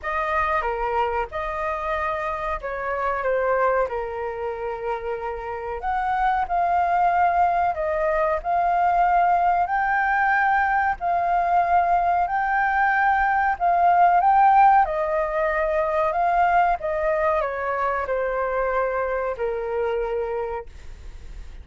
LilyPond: \new Staff \with { instrumentName = "flute" } { \time 4/4 \tempo 4 = 93 dis''4 ais'4 dis''2 | cis''4 c''4 ais'2~ | ais'4 fis''4 f''2 | dis''4 f''2 g''4~ |
g''4 f''2 g''4~ | g''4 f''4 g''4 dis''4~ | dis''4 f''4 dis''4 cis''4 | c''2 ais'2 | }